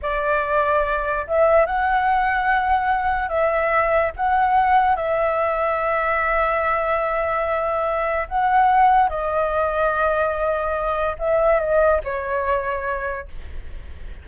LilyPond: \new Staff \with { instrumentName = "flute" } { \time 4/4 \tempo 4 = 145 d''2. e''4 | fis''1 | e''2 fis''2 | e''1~ |
e''1 | fis''2 dis''2~ | dis''2. e''4 | dis''4 cis''2. | }